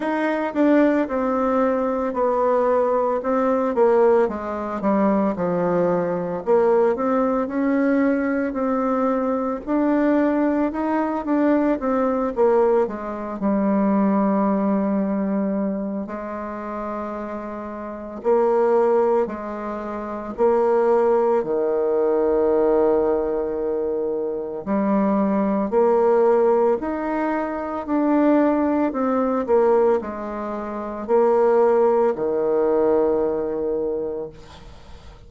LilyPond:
\new Staff \with { instrumentName = "bassoon" } { \time 4/4 \tempo 4 = 56 dis'8 d'8 c'4 b4 c'8 ais8 | gis8 g8 f4 ais8 c'8 cis'4 | c'4 d'4 dis'8 d'8 c'8 ais8 | gis8 g2~ g8 gis4~ |
gis4 ais4 gis4 ais4 | dis2. g4 | ais4 dis'4 d'4 c'8 ais8 | gis4 ais4 dis2 | }